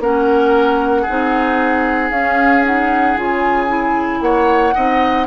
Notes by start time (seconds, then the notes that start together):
0.00 A#3 C#4 A#4 F#5
1.02 G#4
1.09 C4 D#4
2.11 C#4 F5
2.64 D#4 F#5
3.17 C#3 F4 G#5
3.68 E4
4.21 A#3 C#5 F#5
4.75 C4 D#4 D#5